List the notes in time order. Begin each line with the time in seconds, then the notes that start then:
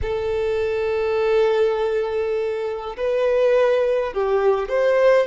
0.02 A4
2.96 B4
4.13 G4
4.68 C5